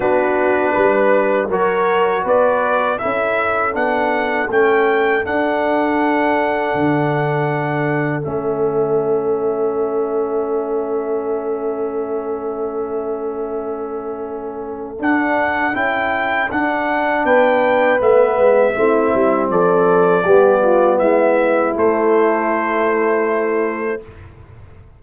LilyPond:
<<
  \new Staff \with { instrumentName = "trumpet" } { \time 4/4 \tempo 4 = 80 b'2 cis''4 d''4 | e''4 fis''4 g''4 fis''4~ | fis''2. e''4~ | e''1~ |
e''1 | fis''4 g''4 fis''4 g''4 | e''2 d''2 | e''4 c''2. | }
  \new Staff \with { instrumentName = "horn" } { \time 4/4 fis'4 b'4 ais'4 b'4 | a'1~ | a'1~ | a'1~ |
a'1~ | a'2. b'4~ | b'4 e'4 a'4 g'8 f'8 | e'1 | }
  \new Staff \with { instrumentName = "trombone" } { \time 4/4 d'2 fis'2 | e'4 d'4 cis'4 d'4~ | d'2. cis'4~ | cis'1~ |
cis'1 | d'4 e'4 d'2 | b4 c'2 b4~ | b4 a2. | }
  \new Staff \with { instrumentName = "tuba" } { \time 4/4 b4 g4 fis4 b4 | cis'4 b4 a4 d'4~ | d'4 d2 a4~ | a1~ |
a1 | d'4 cis'4 d'4 b4 | a8 gis8 a8 g8 f4 g4 | gis4 a2. | }
>>